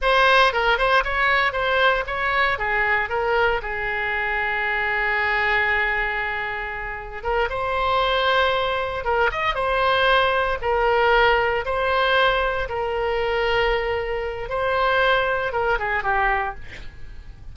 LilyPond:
\new Staff \with { instrumentName = "oboe" } { \time 4/4 \tempo 4 = 116 c''4 ais'8 c''8 cis''4 c''4 | cis''4 gis'4 ais'4 gis'4~ | gis'1~ | gis'2 ais'8 c''4.~ |
c''4. ais'8 dis''8 c''4.~ | c''8 ais'2 c''4.~ | c''8 ais'2.~ ais'8 | c''2 ais'8 gis'8 g'4 | }